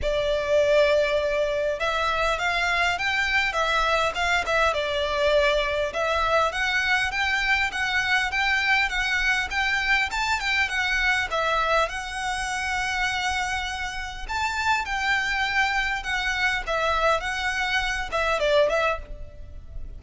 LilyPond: \new Staff \with { instrumentName = "violin" } { \time 4/4 \tempo 4 = 101 d''2. e''4 | f''4 g''4 e''4 f''8 e''8 | d''2 e''4 fis''4 | g''4 fis''4 g''4 fis''4 |
g''4 a''8 g''8 fis''4 e''4 | fis''1 | a''4 g''2 fis''4 | e''4 fis''4. e''8 d''8 e''8 | }